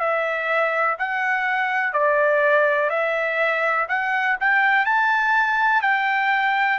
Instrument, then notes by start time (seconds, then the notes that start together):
trumpet
0.00 E5
0.99 F#5
1.93 D5
2.90 E5
3.88 F#5
4.40 G5
4.86 A5
5.82 G5